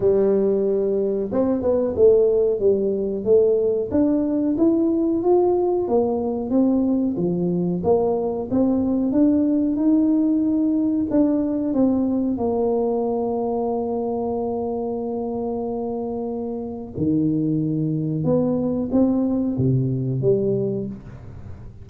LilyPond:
\new Staff \with { instrumentName = "tuba" } { \time 4/4 \tempo 4 = 92 g2 c'8 b8 a4 | g4 a4 d'4 e'4 | f'4 ais4 c'4 f4 | ais4 c'4 d'4 dis'4~ |
dis'4 d'4 c'4 ais4~ | ais1~ | ais2 dis2 | b4 c'4 c4 g4 | }